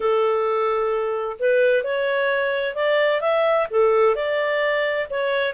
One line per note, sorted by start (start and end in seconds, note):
0.00 1.36 A4
1.38 1.83 B4
1.83 2.74 C#5
2.74 3.21 D5
3.21 3.67 E5
3.70 4.15 A4
4.15 5.07 D5
5.10 5.53 C#5